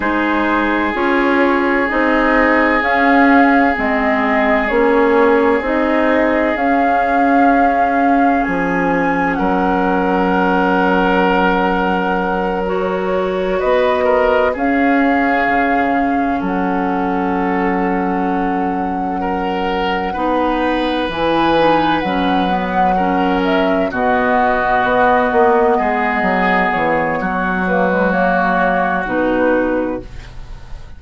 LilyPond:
<<
  \new Staff \with { instrumentName = "flute" } { \time 4/4 \tempo 4 = 64 c''4 cis''4 dis''4 f''4 | dis''4 cis''4 dis''4 f''4~ | f''4 gis''4 fis''2~ | fis''4. cis''4 dis''4 f''8~ |
f''4. fis''2~ fis''8~ | fis''2~ fis''8 gis''4 fis''8~ | fis''4 e''8 dis''2~ dis''8~ | dis''8 cis''4 b'8 cis''4 b'4 | }
  \new Staff \with { instrumentName = "oboe" } { \time 4/4 gis'1~ | gis'1~ | gis'2 ais'2~ | ais'2~ ais'8 b'8 ais'8 gis'8~ |
gis'4. a'2~ a'8~ | a'8 ais'4 b'2~ b'8~ | b'8 ais'4 fis'2 gis'8~ | gis'4 fis'2. | }
  \new Staff \with { instrumentName = "clarinet" } { \time 4/4 dis'4 f'4 dis'4 cis'4 | c'4 cis'4 dis'4 cis'4~ | cis'1~ | cis'4. fis'2 cis'8~ |
cis'1~ | cis'4. dis'4 e'8 dis'8 cis'8 | b8 cis'4 b2~ b8~ | b4. ais16 gis16 ais4 dis'4 | }
  \new Staff \with { instrumentName = "bassoon" } { \time 4/4 gis4 cis'4 c'4 cis'4 | gis4 ais4 c'4 cis'4~ | cis'4 f4 fis2~ | fis2~ fis8 b4 cis'8~ |
cis'8 cis4 fis2~ fis8~ | fis4. b4 e4 fis8~ | fis4. b,4 b8 ais8 gis8 | fis8 e8 fis2 b,4 | }
>>